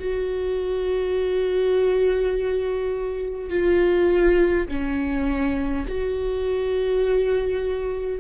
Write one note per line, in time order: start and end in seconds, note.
0.00 3.50 F#4
3.50 4.68 F4
4.68 5.86 C#4
5.89 8.21 F#4